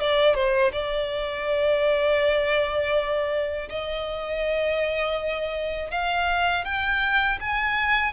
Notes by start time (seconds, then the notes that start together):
0.00 D5
0.35 C5
0.73 D5
3.69 D#5
5.91 F5
6.65 G5
7.41 G#5